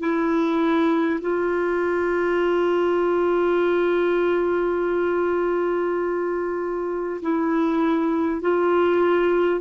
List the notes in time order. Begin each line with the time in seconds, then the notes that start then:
0.00 E4
1.22 F4
7.22 E4
8.42 F4